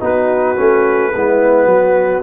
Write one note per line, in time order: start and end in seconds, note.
0.00 0.57 B3
0.00 0.56 D#4
0.00 1.13 F#4
0.00 2.23 B4
0.56 1.14 A3
0.56 1.12 C#4
1.14 1.65 G#3
1.14 2.23 B3
1.14 1.69 E4
1.65 2.21 F#3
1.65 2.23 F#4